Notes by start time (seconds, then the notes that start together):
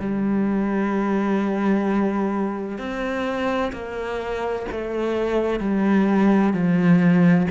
0.00 G3
2.78 C4
3.73 A#3
4.72 A3
5.60 G3
6.54 F3